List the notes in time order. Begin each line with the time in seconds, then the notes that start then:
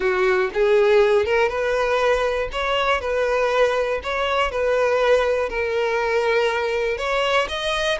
0.00 F#4
0.53 G#4
1.25 A#4
1.48 B4
2.51 C#5
3.00 B4
4.03 C#5
4.51 B4
5.49 A#4
6.97 C#5
7.48 D#5